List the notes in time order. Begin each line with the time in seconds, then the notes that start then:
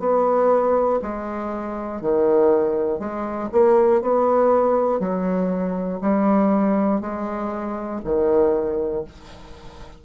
0.00 B3
1.02 G#3
2.01 D#3
2.99 G#3
3.52 A#3
4.02 B3
5.00 F#3
6.01 G3
7.00 G#3
8.05 D#3